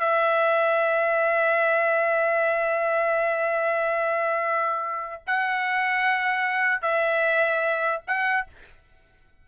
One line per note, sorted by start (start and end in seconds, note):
0.00 5.23 E5
5.27 6.82 F#5
6.82 8.03 E5
8.07 8.48 F#5